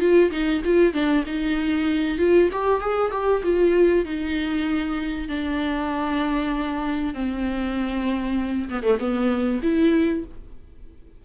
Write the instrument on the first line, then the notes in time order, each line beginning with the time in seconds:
viola
0.00 F4
0.31 D#4
0.65 F4
0.94 D4
1.26 D#4
2.18 F4
2.52 G4
2.81 G#4
3.12 G4
3.44 F4
4.05 D#4
5.29 D4
7.14 C4
8.69 B3
8.83 A3
8.99 B3
9.63 E4